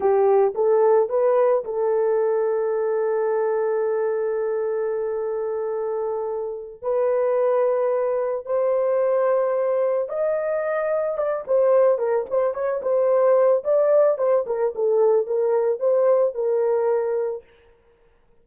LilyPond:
\new Staff \with { instrumentName = "horn" } { \time 4/4 \tempo 4 = 110 g'4 a'4 b'4 a'4~ | a'1~ | a'1~ | a'8 b'2. c''8~ |
c''2~ c''8 dis''4.~ | dis''8 d''8 c''4 ais'8 c''8 cis''8 c''8~ | c''4 d''4 c''8 ais'8 a'4 | ais'4 c''4 ais'2 | }